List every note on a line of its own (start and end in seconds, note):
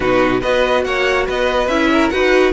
0.00 0.42 B2
0.00 0.41 D#4
0.00 0.40 F#4
0.00 0.41 B4
0.40 0.85 B3
0.40 1.69 F#4
0.40 0.83 B4
0.40 0.84 D#5
0.84 1.27 A#3
0.84 1.26 C#5
0.84 1.26 F#5
1.26 1.67 B3
1.26 1.89 B4
1.26 1.68 D#5
1.67 2.10 C#4
1.67 2.12 E4
1.67 2.09 E5
1.92 2.12 A#4
2.09 2.52 D#4
2.09 2.52 F#4
2.09 2.52 B4
2.09 2.51 F#5